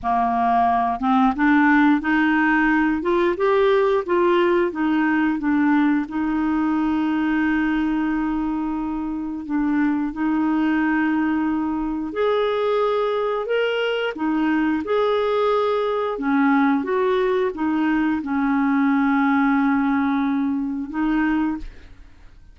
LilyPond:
\new Staff \with { instrumentName = "clarinet" } { \time 4/4 \tempo 4 = 89 ais4. c'8 d'4 dis'4~ | dis'8 f'8 g'4 f'4 dis'4 | d'4 dis'2.~ | dis'2 d'4 dis'4~ |
dis'2 gis'2 | ais'4 dis'4 gis'2 | cis'4 fis'4 dis'4 cis'4~ | cis'2. dis'4 | }